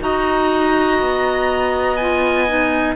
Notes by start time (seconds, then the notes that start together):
0.00 D#4 F#4 D#5 A#5
1.00 B3
1.97 F4 G#5
2.48 D#4